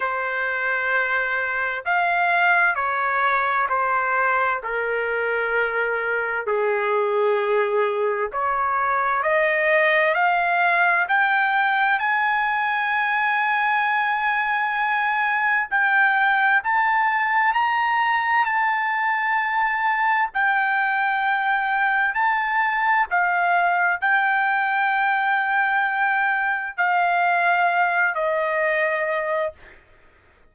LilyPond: \new Staff \with { instrumentName = "trumpet" } { \time 4/4 \tempo 4 = 65 c''2 f''4 cis''4 | c''4 ais'2 gis'4~ | gis'4 cis''4 dis''4 f''4 | g''4 gis''2.~ |
gis''4 g''4 a''4 ais''4 | a''2 g''2 | a''4 f''4 g''2~ | g''4 f''4. dis''4. | }